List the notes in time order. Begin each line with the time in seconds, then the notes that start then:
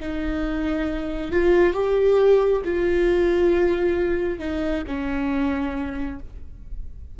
0.00 D#4
1.32 F4
1.74 G4
2.65 F4
4.40 D#4
4.87 C#4